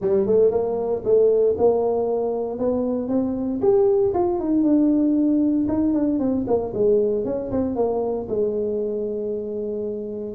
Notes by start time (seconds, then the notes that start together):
0.01 G3
0.26 A3
0.51 A#3
1.04 A3
1.58 A#3
2.59 B3
3.08 C4
3.61 G4
4.14 F4
4.39 D#4
4.63 D4
5.68 D#4
5.93 D4
6.19 C4
6.47 A#3
6.74 G#3
7.24 C#4
7.51 C4
7.75 A#3
8.28 G#3